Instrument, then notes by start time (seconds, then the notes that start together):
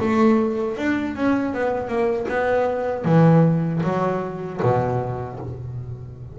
double bass
0.00 A3
0.77 D4
1.15 C#4
1.53 B3
1.88 A#3
2.28 B3
3.05 E3
3.83 F#3
4.62 B2